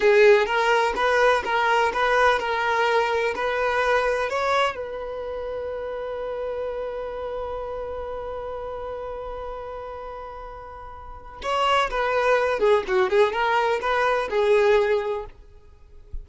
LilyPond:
\new Staff \with { instrumentName = "violin" } { \time 4/4 \tempo 4 = 126 gis'4 ais'4 b'4 ais'4 | b'4 ais'2 b'4~ | b'4 cis''4 b'2~ | b'1~ |
b'1~ | b'1 | cis''4 b'4. gis'8 fis'8 gis'8 | ais'4 b'4 gis'2 | }